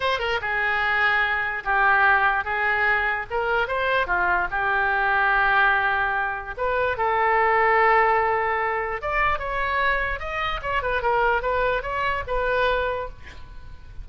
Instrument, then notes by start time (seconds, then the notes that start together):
oboe
0.00 C5
0.19 A#4
0.41 G#4
1.64 G4
2.44 G#4
3.30 A#4
3.67 C5
4.06 F4
4.50 G4
6.57 B4
6.97 A4
9.01 D5
9.38 C#5
10.19 D#5
10.61 C#5
10.82 B4
11.02 A#4
11.41 B4
11.82 C#5
12.27 B4